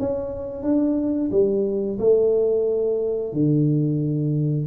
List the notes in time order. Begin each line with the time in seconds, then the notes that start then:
0.00 C#4
0.63 D4
1.31 G3
1.99 A3
3.33 D3